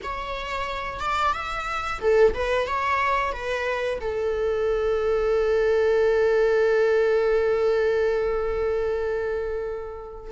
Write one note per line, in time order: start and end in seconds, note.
0.03 0.99 C#5
0.99 1.33 D5
1.33 1.99 E5
2.00 2.33 A4
2.34 2.67 B4
2.67 3.32 C#5
3.32 3.99 B4
4.01 10.31 A4